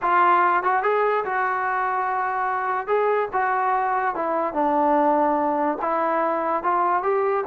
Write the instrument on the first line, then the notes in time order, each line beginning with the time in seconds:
trombone
0.02 F4
0.63 F#4
0.83 G#4
1.25 F#4
2.87 G#4
3.32 F#4
4.15 E4
4.53 D4
5.81 E4
6.63 F4
7.03 G4